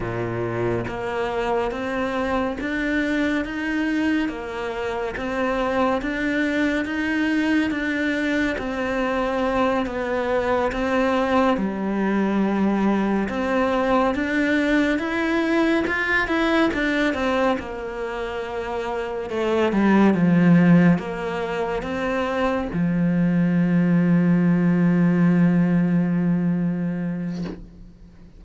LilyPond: \new Staff \with { instrumentName = "cello" } { \time 4/4 \tempo 4 = 70 ais,4 ais4 c'4 d'4 | dis'4 ais4 c'4 d'4 | dis'4 d'4 c'4. b8~ | b8 c'4 g2 c'8~ |
c'8 d'4 e'4 f'8 e'8 d'8 | c'8 ais2 a8 g8 f8~ | f8 ais4 c'4 f4.~ | f1 | }